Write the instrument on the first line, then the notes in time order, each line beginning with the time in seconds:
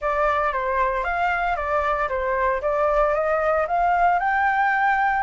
flute
0.01 D5
0.52 C5
1.04 F5
1.56 D5
2.08 C5
2.61 D5
3.14 D#5
3.67 F5
4.19 G5